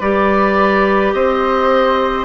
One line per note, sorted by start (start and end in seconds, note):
0.00 1.13 G3
0.00 2.25 G4
0.00 1.13 B4
0.00 1.13 D5
1.13 2.25 C4
1.13 2.25 C5
1.13 2.25 D#5